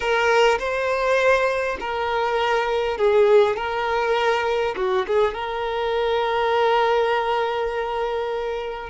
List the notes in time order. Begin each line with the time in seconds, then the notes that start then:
0.00 A#4
0.58 C5
1.80 A#4
2.97 G#4
3.56 A#4
4.76 F#4
5.07 G#4
5.34 A#4